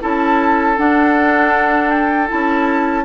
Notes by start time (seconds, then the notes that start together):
0.00 C#4 E4 A4 A5
0.77 D4 F#5
1.90 G5
2.28 C#4 E4 A5